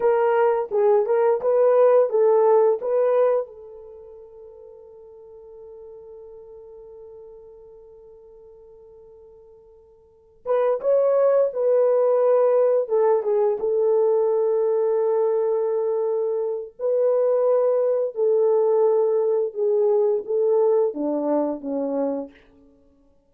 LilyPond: \new Staff \with { instrumentName = "horn" } { \time 4/4 \tempo 4 = 86 ais'4 gis'8 ais'8 b'4 a'4 | b'4 a'2.~ | a'1~ | a'2. b'8 cis''8~ |
cis''8 b'2 a'8 gis'8 a'8~ | a'1 | b'2 a'2 | gis'4 a'4 d'4 cis'4 | }